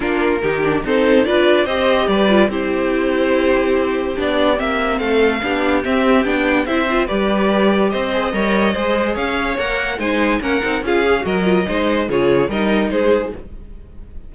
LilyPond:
<<
  \new Staff \with { instrumentName = "violin" } { \time 4/4 \tempo 4 = 144 ais'2 c''4 d''4 | dis''4 d''4 c''2~ | c''2 d''4 e''4 | f''2 e''4 g''4 |
e''4 d''2 dis''4~ | dis''2 f''4 fis''4 | gis''4 fis''4 f''4 dis''4~ | dis''4 cis''4 dis''4 c''4 | }
  \new Staff \with { instrumentName = "violin" } { \time 4/4 f'4 g'4 a'4 b'4 | c''4 b'4 g'2~ | g'1 | a'4 g'2. |
c''4 b'2 c''4 | cis''4 c''4 cis''2 | c''4 ais'4 gis'4 ais'4 | c''4 gis'4 ais'4 gis'4 | }
  \new Staff \with { instrumentName = "viola" } { \time 4/4 d'4 dis'8 d'8 c'4 f'4 | g'4. f'8 e'2~ | e'2 d'4 c'4~ | c'4 d'4 c'4 d'4 |
e'8 f'8 g'2~ g'8 gis'8 | ais'4 gis'2 ais'4 | dis'4 cis'8 dis'8 f'8 gis'8 fis'8 f'8 | dis'4 f'4 dis'2 | }
  \new Staff \with { instrumentName = "cello" } { \time 4/4 ais4 dis4 dis'4 d'4 | c'4 g4 c'2~ | c'2 b4 ais4 | a4 b4 c'4 b4 |
c'4 g2 c'4 | g4 gis4 cis'4 ais4 | gis4 ais8 c'8 cis'4 fis4 | gis4 cis4 g4 gis4 | }
>>